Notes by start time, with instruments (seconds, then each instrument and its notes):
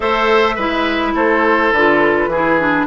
0.00 bassoon A3, clarinet A4, oboe C5, flute E5
0.55 bassoon G#3, clarinet E4, oboe B4
1.14 bassoon A3, oboe A4, flute C5
1.72 bassoon D3, clarinet F4, flute B4
2.27 bassoon E3, clarinet E4, oboe G#4
2.60 clarinet D4